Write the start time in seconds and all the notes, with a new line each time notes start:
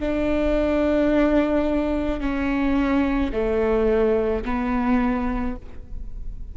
0.00 D4
2.20 C#4
3.32 A3
4.45 B3